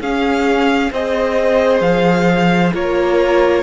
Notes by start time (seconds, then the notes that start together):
0.00 C#4 G#4 F5
0.92 C4 G#4 C5 D#5
1.81 F3 F5
2.73 A#3 F4 A#4 C#5